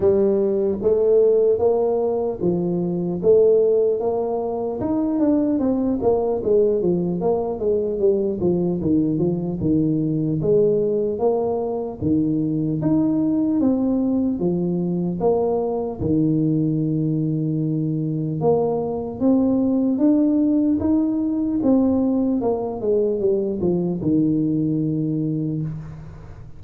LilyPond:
\new Staff \with { instrumentName = "tuba" } { \time 4/4 \tempo 4 = 75 g4 a4 ais4 f4 | a4 ais4 dis'8 d'8 c'8 ais8 | gis8 f8 ais8 gis8 g8 f8 dis8 f8 | dis4 gis4 ais4 dis4 |
dis'4 c'4 f4 ais4 | dis2. ais4 | c'4 d'4 dis'4 c'4 | ais8 gis8 g8 f8 dis2 | }